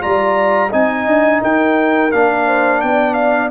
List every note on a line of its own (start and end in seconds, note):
0.00 0.73 G3
0.00 0.70 F4
0.00 0.71 D5
0.00 0.72 A#5
0.71 1.07 C4
0.71 2.11 D#4
0.71 1.41 D#5
0.71 1.43 G#5
1.07 1.42 D4
1.42 2.13 D#4
1.42 2.46 A#4
1.42 2.12 G5
2.12 2.83 A#3
2.12 3.51 D4
2.12 2.81 F5
2.46 2.81 C5
2.81 3.51 B3
2.81 3.51 D5
2.81 3.14 G5
3.14 3.49 F5